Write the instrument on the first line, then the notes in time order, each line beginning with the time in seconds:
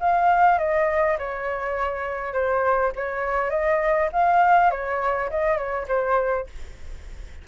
flute
0.00 F5
0.59 D#5
1.19 C#5
2.33 C5
2.96 C#5
3.50 D#5
4.13 F5
4.71 C#5
5.30 D#5
5.57 C#5
5.88 C5